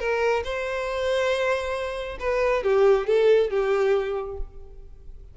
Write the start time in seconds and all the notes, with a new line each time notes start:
0.00 A#4
0.44 C5
2.20 B4
2.64 G4
3.07 A4
3.51 G4